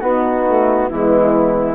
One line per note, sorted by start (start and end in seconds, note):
0.00 0.44 B3
0.00 0.90 B3
0.00 0.90 D#4
0.00 0.89 F#4
0.46 0.90 A3
0.89 1.75 E3
0.89 1.75 G#3
0.89 1.75 B3
0.89 1.75 E4